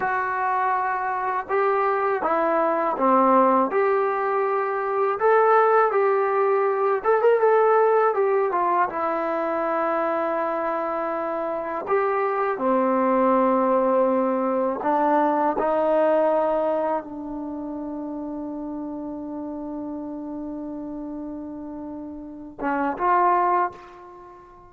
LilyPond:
\new Staff \with { instrumentName = "trombone" } { \time 4/4 \tempo 4 = 81 fis'2 g'4 e'4 | c'4 g'2 a'4 | g'4. a'16 ais'16 a'4 g'8 f'8 | e'1 |
g'4 c'2. | d'4 dis'2 d'4~ | d'1~ | d'2~ d'8 cis'8 f'4 | }